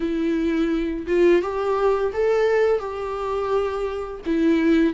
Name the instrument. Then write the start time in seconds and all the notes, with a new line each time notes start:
viola
0.00 E4
1.07 F4
1.41 G4
2.13 A4
2.79 G4
4.26 E4